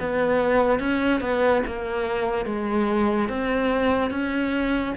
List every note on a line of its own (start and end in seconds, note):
0.00 0.80 B3
0.80 1.21 C#4
1.21 1.62 B3
1.67 2.46 A#3
2.46 3.29 G#3
3.29 4.11 C4
4.11 4.94 C#4